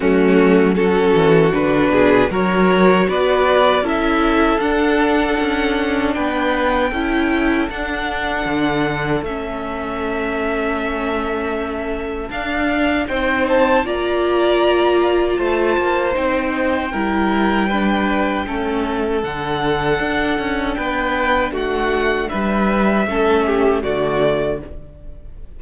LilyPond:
<<
  \new Staff \with { instrumentName = "violin" } { \time 4/4 \tempo 4 = 78 fis'4 a'4 b'4 cis''4 | d''4 e''4 fis''2 | g''2 fis''2 | e''1 |
f''4 g''8 a''8 ais''2 | a''4 g''2.~ | g''4 fis''2 g''4 | fis''4 e''2 d''4 | }
  \new Staff \with { instrumentName = "violin" } { \time 4/4 cis'4 fis'4. gis'8 ais'4 | b'4 a'2. | b'4 a'2.~ | a'1~ |
a'4 c''4 d''2 | c''2 ais'4 b'4 | a'2. b'4 | fis'4 b'4 a'8 g'8 fis'4 | }
  \new Staff \with { instrumentName = "viola" } { \time 4/4 a4 cis'4 d'4 fis'4~ | fis'4 e'4 d'2~ | d'4 e'4 d'2 | cis'1 |
d'4 dis'4 f'2~ | f'4 dis'4 e'4 d'4 | cis'4 d'2.~ | d'2 cis'4 a4 | }
  \new Staff \with { instrumentName = "cello" } { \time 4/4 fis4. e8 d8 b,8 fis4 | b4 cis'4 d'4 cis'4 | b4 cis'4 d'4 d4 | a1 |
d'4 c'4 ais2 | a8 ais8 c'4 g2 | a4 d4 d'8 cis'8 b4 | a4 g4 a4 d4 | }
>>